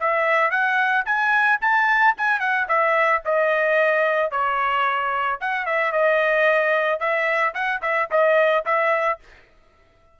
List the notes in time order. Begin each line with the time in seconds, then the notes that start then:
0.00 E5
0.51 F#5
1.06 G#5
1.61 A5
2.18 G#5
2.40 F#5
2.69 E5
3.26 D#5
4.31 C#5
5.41 F#5
5.66 E5
5.92 D#5
7.00 E5
7.54 F#5
7.82 E5
8.11 D#5
8.66 E5